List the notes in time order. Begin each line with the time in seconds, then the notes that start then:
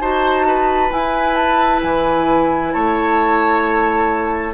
0.00 D#4 F#4 C5 A5
0.48 B4
0.90 E4 G#5
1.35 A5
1.83 E3 G#5
2.73 A3 C#5 A5